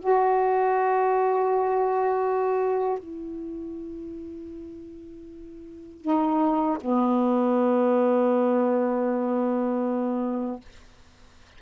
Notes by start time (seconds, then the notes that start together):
0.00 F#4
2.99 E4
6.01 D#4
6.81 B3